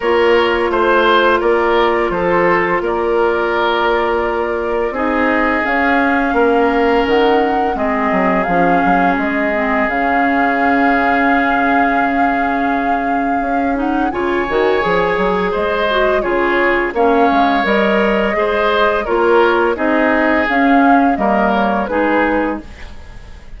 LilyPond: <<
  \new Staff \with { instrumentName = "flute" } { \time 4/4 \tempo 4 = 85 cis''4 c''4 d''4 c''4 | d''2. dis''4 | f''2 fis''4 dis''4 | f''4 dis''4 f''2~ |
f''2.~ f''8 fis''8 | gis''2 dis''4 cis''4 | f''4 dis''2 cis''4 | dis''4 f''4 dis''8 cis''8 b'4 | }
  \new Staff \with { instrumentName = "oboe" } { \time 4/4 ais'4 c''4 ais'4 a'4 | ais'2. gis'4~ | gis'4 ais'2 gis'4~ | gis'1~ |
gis'1 | cis''2 c''4 gis'4 | cis''2 c''4 ais'4 | gis'2 ais'4 gis'4 | }
  \new Staff \with { instrumentName = "clarinet" } { \time 4/4 f'1~ | f'2. dis'4 | cis'2. c'4 | cis'4. c'8 cis'2~ |
cis'2.~ cis'8 dis'8 | f'8 fis'8 gis'4. fis'8 f'4 | cis'4 ais'4 gis'4 f'4 | dis'4 cis'4 ais4 dis'4 | }
  \new Staff \with { instrumentName = "bassoon" } { \time 4/4 ais4 a4 ais4 f4 | ais2. c'4 | cis'4 ais4 dis4 gis8 fis8 | f8 fis8 gis4 cis2~ |
cis2. cis'4 | cis8 dis8 f8 fis8 gis4 cis4 | ais8 gis8 g4 gis4 ais4 | c'4 cis'4 g4 gis4 | }
>>